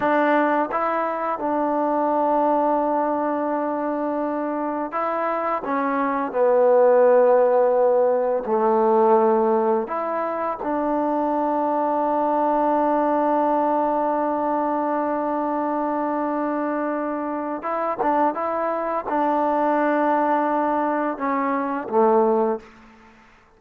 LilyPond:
\new Staff \with { instrumentName = "trombone" } { \time 4/4 \tempo 4 = 85 d'4 e'4 d'2~ | d'2. e'4 | cis'4 b2. | a2 e'4 d'4~ |
d'1~ | d'1~ | d'4 e'8 d'8 e'4 d'4~ | d'2 cis'4 a4 | }